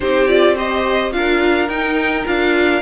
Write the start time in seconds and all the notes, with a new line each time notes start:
0.00 C4 D#4 G4 C5
0.27 F4 D5
0.55 G4 C5 D#5
1.11 D4 F4 A#4 F5
1.68 D#4 G5
2.24 D4 F4 F5